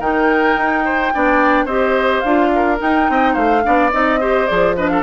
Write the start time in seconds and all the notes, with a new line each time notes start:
0.00 D#3 D#4 A#4 G5
0.56 D#4
0.85 C5
1.14 B3 D4 D5
1.66 C4 G4 C5 D#5
2.20 D4 F4 F5
2.55 A#4
2.78 D#4 G5
3.10 C4 D#5
3.34 A3 C5 F5
3.63 B3 D4 D5
3.92 C4 D#4 D#5
4.20 G4 C5
4.47 F3 G#4 D5
4.77 D4 B4 D#5
4.89 A4 F5